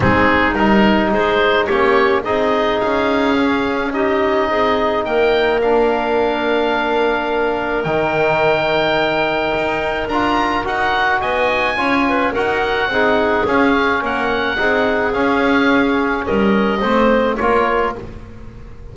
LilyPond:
<<
  \new Staff \with { instrumentName = "oboe" } { \time 4/4 \tempo 4 = 107 gis'4 ais'4 c''4 cis''4 | dis''4 f''2 dis''4~ | dis''4 g''4 f''2~ | f''2 g''2~ |
g''2 ais''4 fis''4 | gis''2 fis''2 | f''4 fis''2 f''4~ | f''4 dis''2 cis''4 | }
  \new Staff \with { instrumentName = "clarinet" } { \time 4/4 dis'2 gis'4 g'4 | gis'2. g'4 | gis'4 ais'2.~ | ais'1~ |
ais'1 | dis''4 cis''8 b'8 ais'4 gis'4~ | gis'4 ais'4 gis'2~ | gis'4 ais'4 c''4 ais'4 | }
  \new Staff \with { instrumentName = "trombone" } { \time 4/4 c'4 dis'2 cis'4 | dis'2 cis'4 dis'4~ | dis'2 d'2~ | d'2 dis'2~ |
dis'2 f'4 fis'4~ | fis'4 f'4 fis'4 dis'4 | cis'2 dis'4 cis'4~ | cis'2 c'4 f'4 | }
  \new Staff \with { instrumentName = "double bass" } { \time 4/4 gis4 g4 gis4 ais4 | c'4 cis'2. | c'4 ais2.~ | ais2 dis2~ |
dis4 dis'4 d'4 dis'4 | b4 cis'4 dis'4 c'4 | cis'4 ais4 c'4 cis'4~ | cis'4 g4 a4 ais4 | }
>>